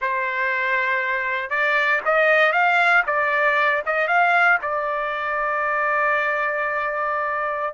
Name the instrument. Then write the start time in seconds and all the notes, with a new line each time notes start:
trumpet
0.01 C5
1.50 D5
2.05 D#5
2.52 F5
3.06 D5
3.86 D#5
4.07 F5
4.61 D5